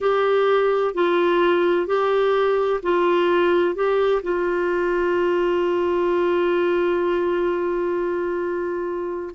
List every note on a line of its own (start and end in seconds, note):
0.00 0.94 G4
0.94 1.86 F4
1.86 2.80 G4
2.82 3.75 F4
3.75 4.21 G4
4.22 9.35 F4